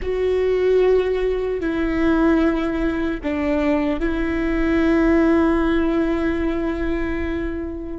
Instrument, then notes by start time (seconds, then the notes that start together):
viola
0.01 F#4
1.60 E4
3.23 D4
3.99 E4